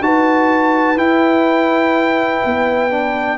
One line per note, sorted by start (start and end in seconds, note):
0.00 0.97 D#4
0.00 0.97 F#4
0.00 3.38 B4
0.00 0.98 A5
0.97 2.42 E4
0.97 2.90 E4
0.97 3.38 G5
2.45 3.38 B3
2.90 3.38 D4